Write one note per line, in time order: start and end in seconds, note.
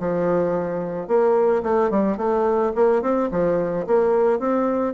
0.00 1.08 F3
1.08 1.63 A#3
1.63 1.91 A3
1.91 2.18 G3
2.18 2.73 A3
2.76 3.02 A#3
3.02 3.30 C4
3.32 3.87 F3
3.88 4.40 A#3
4.40 4.94 C4